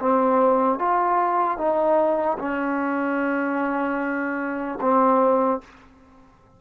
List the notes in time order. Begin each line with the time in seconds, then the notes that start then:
0.00 C4
0.79 F4
1.58 D#4
2.39 C#4
4.81 C4